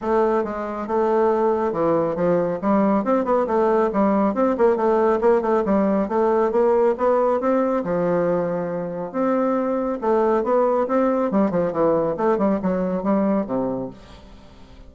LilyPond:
\new Staff \with { instrumentName = "bassoon" } { \time 4/4 \tempo 4 = 138 a4 gis4 a2 | e4 f4 g4 c'8 b8 | a4 g4 c'8 ais8 a4 | ais8 a8 g4 a4 ais4 |
b4 c'4 f2~ | f4 c'2 a4 | b4 c'4 g8 f8 e4 | a8 g8 fis4 g4 c4 | }